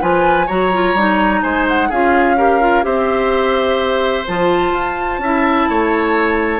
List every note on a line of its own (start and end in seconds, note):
0.00 0.49 F3
0.00 0.48 F4
0.00 0.46 B4
0.00 0.48 G#5
0.46 0.94 F#3
0.46 0.71 F#4
0.46 1.41 C#5
0.46 1.42 A#5
0.72 0.96 F4
0.94 1.41 G3
0.94 1.91 D#4
1.42 1.90 G#3
1.42 1.88 C5
1.42 1.65 G#5
1.68 1.91 F#5
1.88 2.84 C#4
1.88 2.37 F4
1.88 2.36 G#4
1.88 2.84 F5
2.37 2.61 G4
2.37 2.84 A#4
2.61 2.82 F4
2.82 4.26 C4
2.82 4.24 G4
2.82 5.21 C5
2.82 4.25 E5
4.27 4.71 F3
4.27 5.22 F4
4.27 6.59 A5
4.71 5.18 F4
5.18 5.65 C#4
5.18 6.59 E4
5.18 5.69 E5
5.69 6.59 A3
5.69 6.59 C#5